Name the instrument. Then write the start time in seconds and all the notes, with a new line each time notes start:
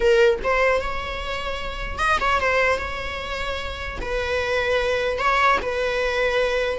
viola
0.00 A#4
0.43 C5
0.81 C#5
1.98 D#5
2.20 C#5
2.40 C5
2.78 C#5
4.01 B4
5.18 C#5
5.61 B4